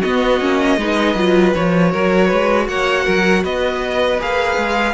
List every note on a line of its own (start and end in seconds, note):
0.00 0.41 B3
0.00 0.76 F#4
0.00 1.54 D#5
0.41 0.77 A#3
0.41 0.79 C#4
0.77 1.15 G#3
0.77 1.17 D#4
0.77 1.92 B4
1.15 1.53 F#3
1.15 1.55 F4
1.54 1.94 F3
1.54 4.19 F#4
1.54 2.68 C#5
1.92 2.32 F#3
1.92 2.27 A#4
2.27 2.68 G#3
2.27 2.65 B4
2.68 3.06 A#3
2.68 3.04 C#5
2.68 3.44 F#5
3.04 3.44 F#3
3.04 3.42 A#4
3.44 4.20 B3
3.44 4.94 B4
3.44 4.20 D#5
4.19 4.57 A#3
4.19 4.94 G#4
4.19 4.94 F5
4.57 4.94 G#3